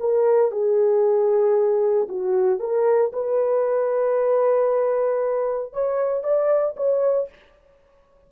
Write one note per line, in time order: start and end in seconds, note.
0.00 0.51 A#4
0.51 2.08 G#4
2.09 2.60 F#4
2.60 3.12 A#4
3.13 5.73 B4
5.73 6.23 C#5
6.23 6.76 D5
6.77 7.29 C#5